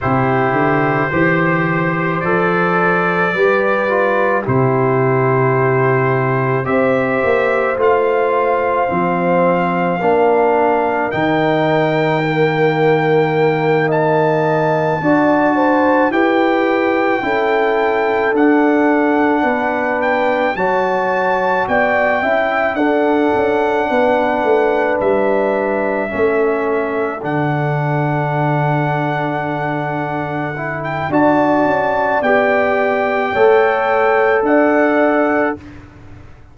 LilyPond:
<<
  \new Staff \with { instrumentName = "trumpet" } { \time 4/4 \tempo 4 = 54 c''2 d''2 | c''2 e''4 f''4~ | f''2 g''2~ | g''8 a''2 g''4.~ |
g''8 fis''4. g''8 a''4 g''8~ | g''8 fis''2 e''4.~ | e''8 fis''2.~ fis''16 g''16 | a''4 g''2 fis''4 | }
  \new Staff \with { instrumentName = "horn" } { \time 4/4 g'4 c''2 b'4 | g'2 c''2~ | c''4 ais'2.~ | ais'8 dis''4 d''8 c''8 b'4 a'8~ |
a'4. b'4 cis''4 d''8 | e''8 a'4 b'2 a'8~ | a'1 | d''2 cis''4 d''4 | }
  \new Staff \with { instrumentName = "trombone" } { \time 4/4 e'4 g'4 a'4 g'8 f'8 | e'2 g'4 f'4 | c'4 d'4 dis'4 ais4~ | ais4. fis'4 g'4 e'8~ |
e'8 d'2 fis'4. | e'8 d'2. cis'8~ | cis'8 d'2. e'8 | fis'4 g'4 a'2 | }
  \new Staff \with { instrumentName = "tuba" } { \time 4/4 c8 d8 e4 f4 g4 | c2 c'8 ais8 a4 | f4 ais4 dis2~ | dis4. d'4 e'4 cis'8~ |
cis'8 d'4 b4 fis4 b8 | cis'8 d'8 cis'8 b8 a8 g4 a8~ | a8 d2.~ d8 | d'8 cis'8 b4 a4 d'4 | }
>>